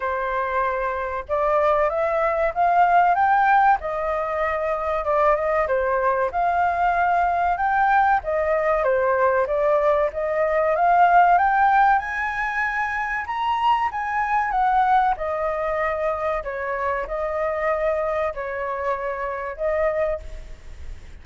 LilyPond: \new Staff \with { instrumentName = "flute" } { \time 4/4 \tempo 4 = 95 c''2 d''4 e''4 | f''4 g''4 dis''2 | d''8 dis''8 c''4 f''2 | g''4 dis''4 c''4 d''4 |
dis''4 f''4 g''4 gis''4~ | gis''4 ais''4 gis''4 fis''4 | dis''2 cis''4 dis''4~ | dis''4 cis''2 dis''4 | }